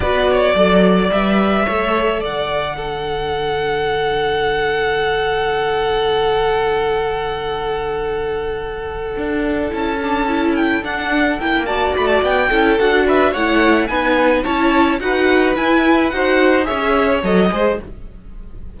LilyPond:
<<
  \new Staff \with { instrumentName = "violin" } { \time 4/4 \tempo 4 = 108 d''2 e''2 | fis''1~ | fis''1~ | fis''1~ |
fis''4. a''4. g''8 fis''8~ | fis''8 g''8 a''8 b''16 a''16 g''4 fis''8 e''8 | fis''4 gis''4 a''4 fis''4 | gis''4 fis''4 e''4 dis''4 | }
  \new Staff \with { instrumentName = "violin" } { \time 4/4 b'8 cis''8 d''2 cis''4 | d''4 a'2.~ | a'1~ | a'1~ |
a'1~ | a'4 d''4. a'4 b'8 | cis''4 b'4 cis''4 b'4~ | b'4 c''4 cis''4. c''8 | }
  \new Staff \with { instrumentName = "viola" } { \time 4/4 fis'4 a'4 b'4 a'4~ | a'4 d'2.~ | d'1~ | d'1~ |
d'4. e'8 d'8 e'4 d'8~ | d'8 e'8 fis'4. e'8 fis'4 | e'4 dis'4 e'4 fis'4 | e'4 fis'4 gis'4 a'8 gis'8 | }
  \new Staff \with { instrumentName = "cello" } { \time 4/4 b4 fis4 g4 a4 | d1~ | d1~ | d1~ |
d8 d'4 cis'2 d'8~ | d'8 ais4 a8 b8 cis'8 d'4 | a4 b4 cis'4 dis'4 | e'4 dis'4 cis'4 fis8 gis8 | }
>>